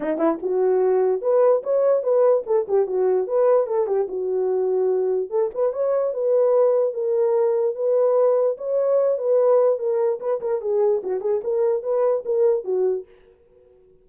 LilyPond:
\new Staff \with { instrumentName = "horn" } { \time 4/4 \tempo 4 = 147 dis'8 e'8 fis'2 b'4 | cis''4 b'4 a'8 g'8 fis'4 | b'4 a'8 g'8 fis'2~ | fis'4 a'8 b'8 cis''4 b'4~ |
b'4 ais'2 b'4~ | b'4 cis''4. b'4. | ais'4 b'8 ais'8 gis'4 fis'8 gis'8 | ais'4 b'4 ais'4 fis'4 | }